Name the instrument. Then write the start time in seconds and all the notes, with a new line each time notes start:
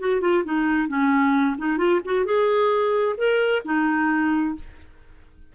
clarinet
0.00 F#4
0.21 F4
0.45 D#4
0.89 C#4
1.58 D#4
1.78 F4
2.05 F#4
2.26 G#4
3.17 A#4
3.65 D#4